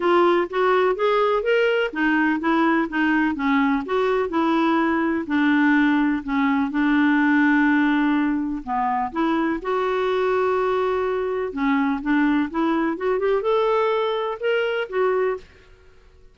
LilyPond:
\new Staff \with { instrumentName = "clarinet" } { \time 4/4 \tempo 4 = 125 f'4 fis'4 gis'4 ais'4 | dis'4 e'4 dis'4 cis'4 | fis'4 e'2 d'4~ | d'4 cis'4 d'2~ |
d'2 b4 e'4 | fis'1 | cis'4 d'4 e'4 fis'8 g'8 | a'2 ais'4 fis'4 | }